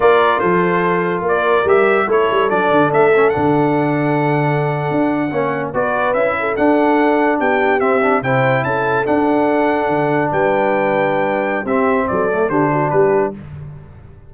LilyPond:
<<
  \new Staff \with { instrumentName = "trumpet" } { \time 4/4 \tempo 4 = 144 d''4 c''2 d''4 | e''4 cis''4 d''4 e''4 | fis''1~ | fis''4.~ fis''16 d''4 e''4 fis''16~ |
fis''4.~ fis''16 g''4 e''4 g''16~ | g''8. a''4 fis''2~ fis''16~ | fis''8. g''2.~ g''16 | e''4 d''4 c''4 b'4 | }
  \new Staff \with { instrumentName = "horn" } { \time 4/4 ais'4 a'2 ais'4~ | ais'4 a'2.~ | a'1~ | a'8. cis''4 b'4. a'8.~ |
a'4.~ a'16 g'2 c''16~ | c''8. a'2.~ a'16~ | a'8. b'2.~ b'16 | g'4 a'4 g'8 fis'8 g'4 | }
  \new Staff \with { instrumentName = "trombone" } { \time 4/4 f'1 | g'4 e'4 d'4. cis'8 | d'1~ | d'8. cis'4 fis'4 e'4 d'16~ |
d'2~ d'8. c'8 d'8 e'16~ | e'4.~ e'16 d'2~ d'16~ | d'1 | c'4. a8 d'2 | }
  \new Staff \with { instrumentName = "tuba" } { \time 4/4 ais4 f2 ais4 | g4 a8 g8 fis8 d8 a4 | d2.~ d8. d'16~ | d'8. ais4 b4 cis'4 d'16~ |
d'4.~ d'16 b4 c'4 c16~ | c8. cis'4 d'2 d16~ | d8. g2.~ g16 | c'4 fis4 d4 g4 | }
>>